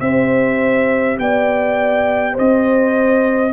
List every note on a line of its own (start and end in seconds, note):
0.00 1.18 C4
0.00 3.53 G4
0.00 1.19 C5
0.00 1.18 E5
1.19 2.36 B3
1.19 2.33 D5
1.19 2.37 G5
2.33 3.53 C4
2.33 3.50 C5
2.33 3.53 D#5